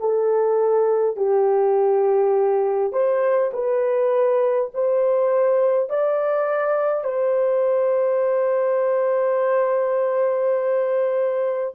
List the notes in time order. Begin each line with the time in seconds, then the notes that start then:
0.00 A4
1.16 G4
2.92 C5
3.53 B4
4.74 C5
5.89 D5
7.04 C5